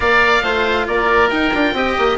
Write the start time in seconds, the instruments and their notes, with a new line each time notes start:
0.00 bassoon A#3, cello A#4, oboe D5 F5
0.42 bassoon A3, cello F4, oboe C5
0.87 bassoon A#3, oboe A#4 D5
1.29 cello D#4, bassoon D#4, oboe G5
1.53 bassoon D4, cello F4
1.73 bassoon C4, cello G4, oboe D#5
1.98 bassoon A#3